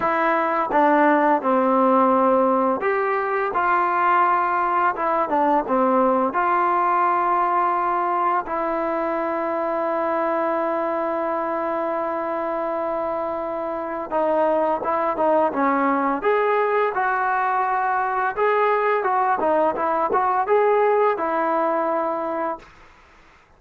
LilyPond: \new Staff \with { instrumentName = "trombone" } { \time 4/4 \tempo 4 = 85 e'4 d'4 c'2 | g'4 f'2 e'8 d'8 | c'4 f'2. | e'1~ |
e'1 | dis'4 e'8 dis'8 cis'4 gis'4 | fis'2 gis'4 fis'8 dis'8 | e'8 fis'8 gis'4 e'2 | }